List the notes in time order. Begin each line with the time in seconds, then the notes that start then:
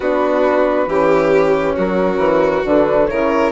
0.00 B3 D4 F#4 B4
0.86 E3 C#4 G4
1.75 F#3 F#4 A#4
2.17 E3
2.64 D3 D4 B4
3.06 C#3 E4 A#4 C#5